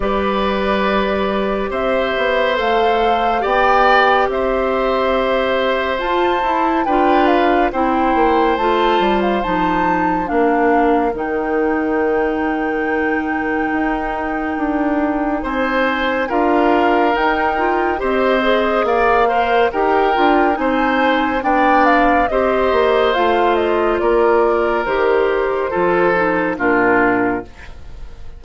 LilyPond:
<<
  \new Staff \with { instrumentName = "flute" } { \time 4/4 \tempo 4 = 70 d''2 e''4 f''4 | g''4 e''2 a''4 | g''8 f''8 g''4 a''8. f''16 a''4 | f''4 g''2.~ |
g''2 gis''4 f''4 | g''4 dis''4 f''4 g''4 | gis''4 g''8 f''8 dis''4 f''8 dis''8 | d''4 c''2 ais'4 | }
  \new Staff \with { instrumentName = "oboe" } { \time 4/4 b'2 c''2 | d''4 c''2. | b'4 c''2. | ais'1~ |
ais'2 c''4 ais'4~ | ais'4 c''4 d''8 c''8 ais'4 | c''4 d''4 c''2 | ais'2 a'4 f'4 | }
  \new Staff \with { instrumentName = "clarinet" } { \time 4/4 g'2. a'4 | g'2. f'8 e'8 | f'4 e'4 f'4 dis'4 | d'4 dis'2.~ |
dis'2. f'4 | dis'8 f'8 g'8 gis'4 ais'8 g'8 f'8 | dis'4 d'4 g'4 f'4~ | f'4 g'4 f'8 dis'8 d'4 | }
  \new Staff \with { instrumentName = "bassoon" } { \time 4/4 g2 c'8 b8 a4 | b4 c'2 f'8 e'8 | d'4 c'8 ais8 a8 g8 f4 | ais4 dis2. |
dis'4 d'4 c'4 d'4 | dis'4 c'4 ais4 dis'8 d'8 | c'4 b4 c'8 ais8 a4 | ais4 dis4 f4 ais,4 | }
>>